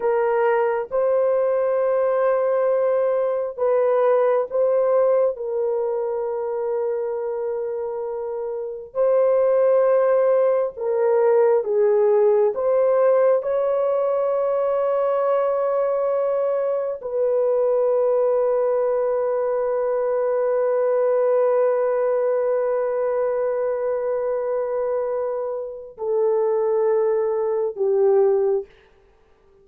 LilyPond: \new Staff \with { instrumentName = "horn" } { \time 4/4 \tempo 4 = 67 ais'4 c''2. | b'4 c''4 ais'2~ | ais'2 c''2 | ais'4 gis'4 c''4 cis''4~ |
cis''2. b'4~ | b'1~ | b'1~ | b'4 a'2 g'4 | }